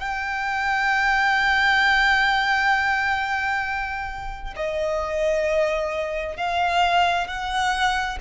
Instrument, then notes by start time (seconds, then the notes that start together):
violin
0.00 G5
4.56 D#5
6.37 F5
7.28 F#5